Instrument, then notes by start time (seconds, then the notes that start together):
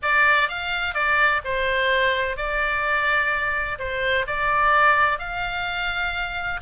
oboe
0.02 D5
0.48 F5
0.94 D5
1.44 C5
2.36 D5
3.78 C5
4.26 D5
5.18 F5